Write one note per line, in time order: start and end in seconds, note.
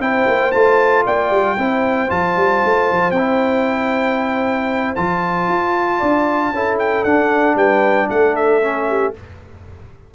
0.00 0.26 C4
0.00 0.53 E4
0.00 1.06 C5
0.00 0.52 G5
0.27 0.53 A#3
0.52 1.06 A3
0.52 1.58 F4
0.52 1.04 A5
1.06 1.31 A#3
1.06 1.57 D5
1.06 2.11 G5
1.31 1.57 G3
1.57 2.10 C4
1.57 2.09 E4
1.57 5.99 C5
2.09 2.37 F3
2.09 3.13 F4
2.09 3.12 A5
2.37 2.63 G3
2.65 2.91 A3
2.92 3.11 F3
3.11 4.94 C4
3.11 4.94 G5
3.18 4.97 E4
4.96 5.48 F3
4.96 6.53 F4
4.96 6.78 A5
5.48 6.01 F4
5.99 6.52 D4
5.99 6.51 D5
6.52 7.04 C#4
6.52 7.06 E4
6.52 7.57 A4
6.79 7.05 G5
7.05 7.56 D4
7.05 8.62 D4
7.05 7.57 F#5
7.56 8.08 G3
7.56 8.09 B4
7.56 8.10 G5
8.10 9.14 A3
8.10 8.88 A4
8.10 8.36 F#5
8.36 9.14 E5
8.62 9.14 C#4
8.89 9.15 G4